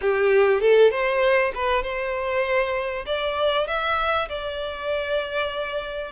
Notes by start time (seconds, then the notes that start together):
0.01 G4
0.60 A4
0.90 C5
1.54 B4
1.83 C5
3.06 D5
3.67 E5
4.28 D5